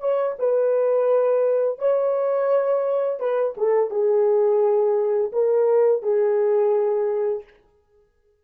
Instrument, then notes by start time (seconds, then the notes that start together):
horn
0.00 C#5
0.39 B4
1.79 C#5
3.20 B4
3.57 A4
3.90 G#4
5.32 A#4
6.02 G#4